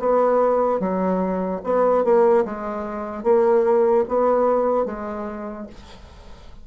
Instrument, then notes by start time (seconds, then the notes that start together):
bassoon
0.00 B3
0.80 F#3
1.64 B3
2.05 A#3
2.45 G#3
3.24 A#3
4.08 B3
4.86 G#3